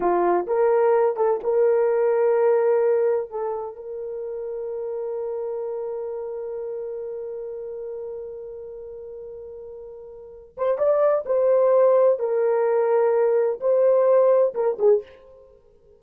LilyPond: \new Staff \with { instrumentName = "horn" } { \time 4/4 \tempo 4 = 128 f'4 ais'4. a'8 ais'4~ | ais'2. a'4 | ais'1~ | ais'1~ |
ais'1~ | ais'2~ ais'8 c''8 d''4 | c''2 ais'2~ | ais'4 c''2 ais'8 gis'8 | }